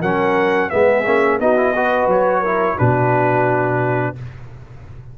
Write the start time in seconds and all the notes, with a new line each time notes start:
0.00 F#3 C#4 A#4 F#5
0.69 G#3 B3 G#4 E5
1.06 A#3 C#4
1.39 B3 D#4 F#4 D#5
1.56 E4
1.73 F#4 B4
2.06 F#3 C#5
2.41 E4 A#4
2.75 B2 D4 F#4 B4